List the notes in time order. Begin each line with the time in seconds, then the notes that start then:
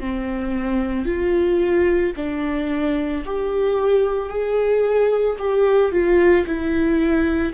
0.00 C4
1.06 F4
2.16 D4
3.26 G4
4.30 G#4
5.39 G4
5.92 F4
6.47 E4